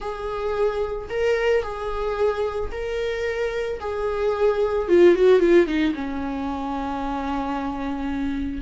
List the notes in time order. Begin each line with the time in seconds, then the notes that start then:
0.00 G#4
1.09 A#4
1.62 G#4
2.71 A#4
3.80 G#4
4.88 F4
5.15 F#4
5.39 F4
5.66 D#4
5.94 C#4